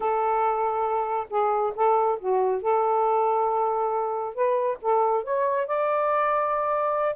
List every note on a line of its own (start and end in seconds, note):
0.00 1.27 A4
1.29 1.73 G#4
1.75 2.19 A4
2.19 2.62 F#4
2.62 4.34 A4
4.34 4.77 B4
4.81 5.23 A4
5.23 5.66 C#5
5.66 7.15 D5